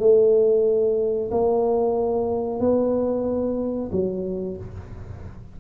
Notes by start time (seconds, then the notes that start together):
0.00 A3
1.31 A#3
2.60 B3
3.92 F#3